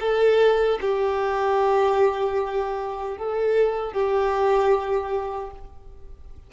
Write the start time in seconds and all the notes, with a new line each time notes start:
0.00 A4
0.81 G4
3.18 A4
3.93 G4